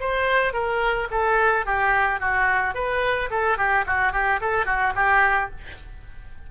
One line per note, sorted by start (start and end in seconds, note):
0.00 0.53 C5
0.53 1.08 A#4
1.11 1.66 A4
1.66 2.20 G4
2.20 2.75 F#4
2.75 3.30 B4
3.31 3.58 A4
3.58 3.85 G4
3.86 4.13 F#4
4.13 4.40 G4
4.41 4.66 A4
4.66 4.93 F#4
4.95 5.50 G4